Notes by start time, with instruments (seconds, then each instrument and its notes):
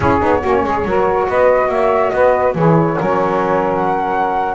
0.00 double bass C#4, saxophone E4 G#4, flute C#5
0.19 double bass B3, saxophone D#4
0.39 double bass A#3, saxophone C#4 F#4
0.63 double bass G#3, saxophone G#4
0.84 double bass F#3, saxophone F#4 A#4
1.27 double bass B3, saxophone B4, flute D#5
1.68 double bass A#3, saxophone C#5, flute E5
2.10 double bass B3, saxophone B4, flute D#5
2.54 double bass E3, saxophone E4 G#4, flute C#5
2.97 double bass F#3, saxophone C#4 A#4
3.73 flute F#5